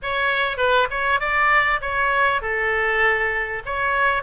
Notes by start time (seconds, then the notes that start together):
0.02 C#5
0.57 B4
0.90 C#5
1.20 D5
1.81 C#5
2.41 A4
3.65 C#5